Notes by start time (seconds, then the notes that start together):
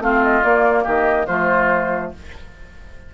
0.00 A3 C4 F4 F5
0.24 D#5
0.44 A#3 D5
0.84 D#3 G4 D#5
1.27 F3 A3 F4 C5